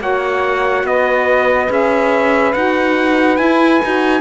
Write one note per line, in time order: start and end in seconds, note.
0.00 0.83 A#3
0.00 1.68 F#4
0.00 0.85 C#5
0.00 0.86 F#5
0.83 1.68 B3
0.83 4.21 B4
0.83 1.71 D#5
1.68 2.54 C#4
1.68 2.53 G#4
1.68 2.53 E5
2.53 3.38 D#4
2.53 3.37 F#4
2.53 3.37 F#5
3.37 3.79 E4
3.37 3.80 E4
3.37 4.21 G#5
3.83 4.21 D#4
3.83 4.21 F#4